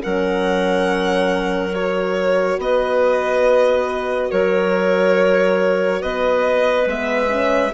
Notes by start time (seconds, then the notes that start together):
0.00 F#3 C#4 A#4 F#5
1.72 F#4 C#5
2.58 B3 B4 D#5
4.30 F#3 A#4 C#5
6.00 B3 B4 D#5
6.86 G#3 B3 E5
7.28 C#4